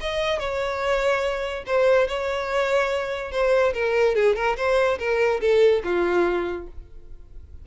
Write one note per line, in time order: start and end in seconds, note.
0.00 0.39 D#5
0.39 1.64 C#5
1.66 2.07 C5
2.07 3.31 C#5
3.31 3.73 C5
3.73 4.15 A#4
4.15 4.35 G#4
4.35 4.56 A#4
4.56 4.98 C5
4.98 5.40 A#4
5.41 5.82 A4
5.84 6.67 F4